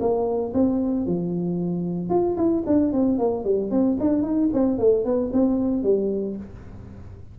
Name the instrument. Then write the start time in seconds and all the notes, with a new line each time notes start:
tuba
0.00 A#3
0.54 C4
1.07 F3
2.10 F4
2.37 E4
2.67 D4
2.93 C4
3.19 A#3
3.45 G3
3.71 C4
4.00 D4
4.23 D#4
4.53 C4
4.79 A3
5.05 B3
5.33 C4
5.83 G3